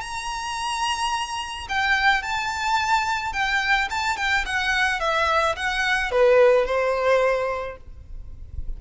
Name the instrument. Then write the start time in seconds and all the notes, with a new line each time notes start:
violin
0.00 A#5
1.68 G5
2.22 A5
3.32 G5
3.90 A5
4.17 G5
4.45 F#5
5.00 E5
5.56 F#5
6.11 B4
6.65 C5